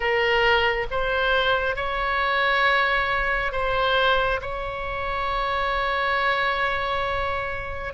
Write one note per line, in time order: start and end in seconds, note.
0.00 0.86 A#4
0.90 1.76 C5
1.76 3.52 C#5
3.52 4.40 C5
4.41 7.93 C#5